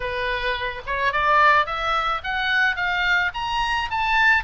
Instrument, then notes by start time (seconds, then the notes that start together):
oboe
0.00 B4
0.86 C#5
1.12 D5
1.65 E5
2.23 F#5
2.76 F5
3.34 A#5
3.90 A5